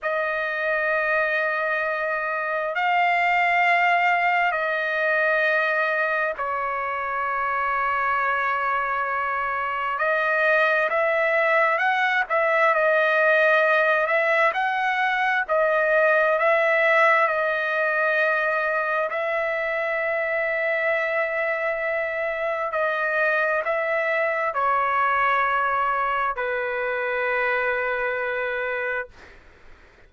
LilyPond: \new Staff \with { instrumentName = "trumpet" } { \time 4/4 \tempo 4 = 66 dis''2. f''4~ | f''4 dis''2 cis''4~ | cis''2. dis''4 | e''4 fis''8 e''8 dis''4. e''8 |
fis''4 dis''4 e''4 dis''4~ | dis''4 e''2.~ | e''4 dis''4 e''4 cis''4~ | cis''4 b'2. | }